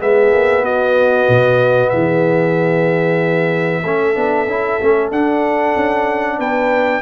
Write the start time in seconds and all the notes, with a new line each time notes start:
0.00 G#3 B3 G#4 E5
0.33 A#3
0.62 B3 F#4 D#5
1.28 B2
1.89 E3 G#4 E5
3.83 A3 C#4 A4
4.14 B3 D4
4.46 C#4 E4
4.81 A3 C#4
5.11 D4 F#5
5.76 C#4
6.37 B3 B4 G5